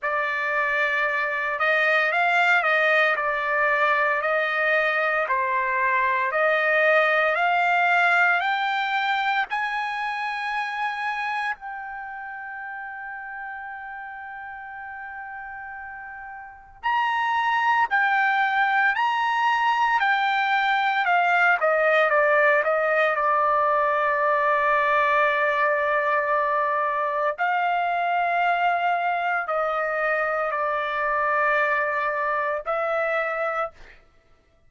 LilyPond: \new Staff \with { instrumentName = "trumpet" } { \time 4/4 \tempo 4 = 57 d''4. dis''8 f''8 dis''8 d''4 | dis''4 c''4 dis''4 f''4 | g''4 gis''2 g''4~ | g''1 |
ais''4 g''4 ais''4 g''4 | f''8 dis''8 d''8 dis''8 d''2~ | d''2 f''2 | dis''4 d''2 e''4 | }